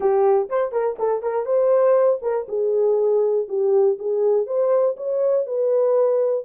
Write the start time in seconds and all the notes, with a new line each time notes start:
0.00 G4
0.49 C5
0.72 A#4
0.98 A4
1.22 A#4
1.45 C5
2.22 A#4
2.48 G#4
3.48 G4
3.98 G#4
4.46 C5
4.96 C#5
5.46 B4